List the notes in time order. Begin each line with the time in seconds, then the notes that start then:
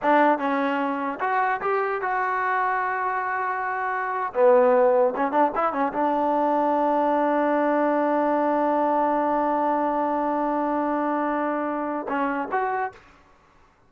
0.02 D4
0.38 C#4
1.20 F#4
1.61 G4
2.01 F#4
4.33 B3
5.16 C#4
5.31 D4
5.55 E4
5.72 C#4
5.92 D4
12.08 C#4
12.51 F#4